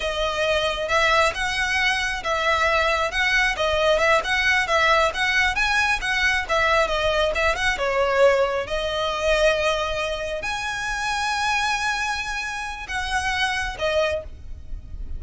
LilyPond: \new Staff \with { instrumentName = "violin" } { \time 4/4 \tempo 4 = 135 dis''2 e''4 fis''4~ | fis''4 e''2 fis''4 | dis''4 e''8 fis''4 e''4 fis''8~ | fis''8 gis''4 fis''4 e''4 dis''8~ |
dis''8 e''8 fis''8 cis''2 dis''8~ | dis''2.~ dis''8 gis''8~ | gis''1~ | gis''4 fis''2 dis''4 | }